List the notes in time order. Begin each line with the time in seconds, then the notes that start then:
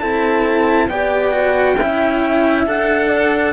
0.00 C4 E4 A4 A5
0.88 B3 G4 D5 G5
1.31 F#4
1.78 C#4 E4 E5
2.67 D4 A4 F#5
3.08 D5